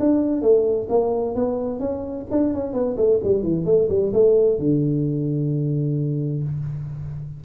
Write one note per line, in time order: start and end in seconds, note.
0.00 0.42 D4
0.42 0.88 A3
0.90 1.35 A#3
1.35 1.80 B3
1.80 2.26 C#4
2.31 2.54 D4
2.54 2.73 C#4
2.73 2.96 B3
2.97 3.20 A3
3.24 3.43 G3
3.43 3.66 E3
3.66 3.89 A3
3.90 4.13 G3
4.13 4.59 A3
4.59 6.44 D3